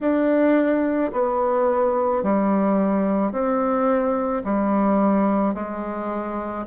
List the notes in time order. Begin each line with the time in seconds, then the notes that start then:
0.00 D4
1.12 B3
2.23 G3
3.31 C4
4.44 G3
5.54 G#3